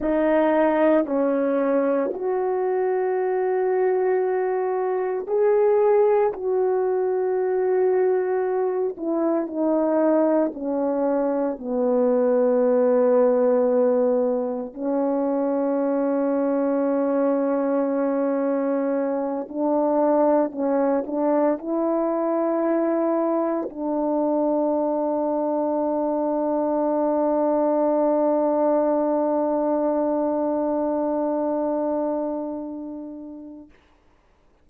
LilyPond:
\new Staff \with { instrumentName = "horn" } { \time 4/4 \tempo 4 = 57 dis'4 cis'4 fis'2~ | fis'4 gis'4 fis'2~ | fis'8 e'8 dis'4 cis'4 b4~ | b2 cis'2~ |
cis'2~ cis'8 d'4 cis'8 | d'8 e'2 d'4.~ | d'1~ | d'1 | }